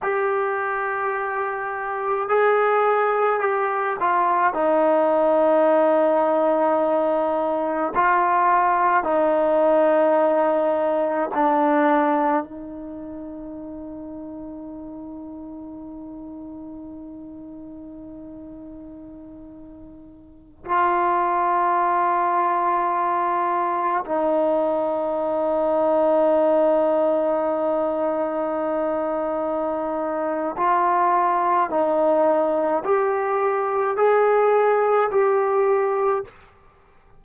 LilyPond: \new Staff \with { instrumentName = "trombone" } { \time 4/4 \tempo 4 = 53 g'2 gis'4 g'8 f'8 | dis'2. f'4 | dis'2 d'4 dis'4~ | dis'1~ |
dis'2~ dis'16 f'4.~ f'16~ | f'4~ f'16 dis'2~ dis'8.~ | dis'2. f'4 | dis'4 g'4 gis'4 g'4 | }